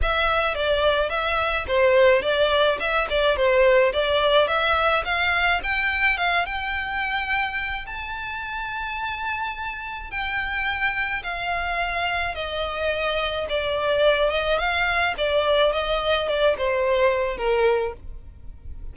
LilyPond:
\new Staff \with { instrumentName = "violin" } { \time 4/4 \tempo 4 = 107 e''4 d''4 e''4 c''4 | d''4 e''8 d''8 c''4 d''4 | e''4 f''4 g''4 f''8 g''8~ | g''2 a''2~ |
a''2 g''2 | f''2 dis''2 | d''4. dis''8 f''4 d''4 | dis''4 d''8 c''4. ais'4 | }